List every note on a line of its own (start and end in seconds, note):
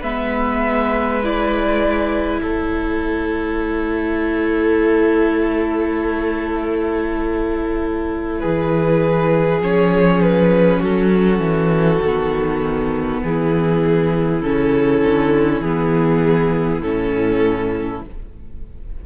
0.00 2.42 G#3
0.00 1.22 B3
0.00 2.40 B4
0.00 1.22 E5
1.23 9.60 E4
1.23 2.41 D5
2.41 8.43 A3
2.41 8.40 A4
2.41 8.40 C#5
8.40 9.60 E3
8.40 10.79 G#4
8.40 9.60 B4
9.60 10.80 F3
9.60 12.00 C#4
9.60 10.21 C#5
10.21 10.81 B4
10.79 11.39 F#3
10.79 13.19 F#4
10.79 13.22 A4
11.39 11.99 E3
12.02 13.22 D#3
12.02 14.44 B3
13.22 14.42 E3
13.22 18.05 E4
13.22 14.42 G#4
14.42 15.02 C#3
14.42 15.63 C#4
14.42 15.61 A4
15.02 15.60 D3
15.60 16.80 E3
15.60 16.82 B3
15.60 16.81 G#4
16.80 18.00 A2
16.80 18.03 C#4
16.80 18.02 A4